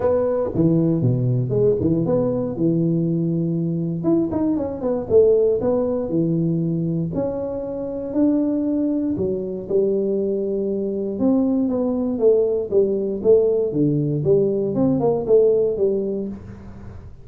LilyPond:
\new Staff \with { instrumentName = "tuba" } { \time 4/4 \tempo 4 = 118 b4 e4 b,4 gis8 e8 | b4 e2. | e'8 dis'8 cis'8 b8 a4 b4 | e2 cis'2 |
d'2 fis4 g4~ | g2 c'4 b4 | a4 g4 a4 d4 | g4 c'8 ais8 a4 g4 | }